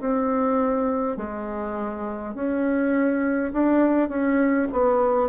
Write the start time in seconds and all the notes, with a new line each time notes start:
0.00 C4
1.17 G#3
2.34 C#4
3.53 D4
4.09 C#4
4.72 B3